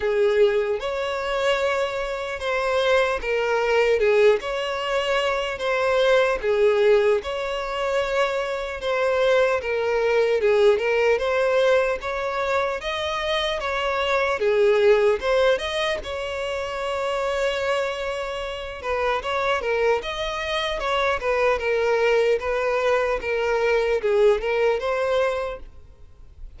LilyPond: \new Staff \with { instrumentName = "violin" } { \time 4/4 \tempo 4 = 75 gis'4 cis''2 c''4 | ais'4 gis'8 cis''4. c''4 | gis'4 cis''2 c''4 | ais'4 gis'8 ais'8 c''4 cis''4 |
dis''4 cis''4 gis'4 c''8 dis''8 | cis''2.~ cis''8 b'8 | cis''8 ais'8 dis''4 cis''8 b'8 ais'4 | b'4 ais'4 gis'8 ais'8 c''4 | }